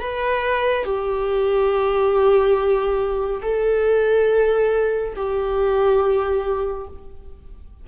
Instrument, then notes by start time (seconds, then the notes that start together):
viola
0.00 B4
0.85 G4
3.42 A4
5.17 G4